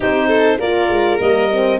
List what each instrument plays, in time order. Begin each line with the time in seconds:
0.00 tuba C4, horn D#4, violin G4, clarinet C5
0.27 violin A4
0.59 tuba A#3, horn F4, violin A#4, clarinet D5
0.89 tuba G#3
1.20 tuba G3, horn A#3, clarinet D#5
1.51 horn C4